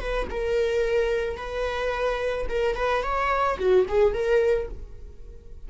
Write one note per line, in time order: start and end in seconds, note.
0.00 0.28 B4
0.30 1.37 A#4
1.37 2.47 B4
2.49 2.75 A#4
2.75 3.03 B4
3.03 3.58 C#5
3.58 3.86 F#4
3.88 4.14 G#4
4.14 4.69 A#4